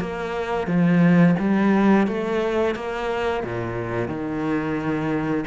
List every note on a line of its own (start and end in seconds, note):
0.00 0.67 A#3
0.67 1.35 F3
1.39 2.07 G3
2.07 2.75 A3
2.75 3.43 A#3
3.44 4.08 A#2
4.08 5.44 D#3